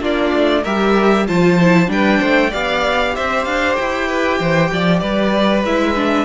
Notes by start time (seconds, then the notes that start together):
0.00 A#3 D4 F4 D5
0.33 A3
0.62 G3 G4 A#4 E5
1.27 F3 F4 C5 A5
1.61 E4
1.87 G3 D4 B4 G5
2.19 A3 C5
2.50 B3 G4 D5 F5
3.15 C4 C5 E5
3.44 D4 F5
3.76 E4 G5
4.07 B4
4.39 E3 C5
4.72 F3 D5
4.99 G3 B4 D5
5.64 G#3 E4 E5
5.95 D4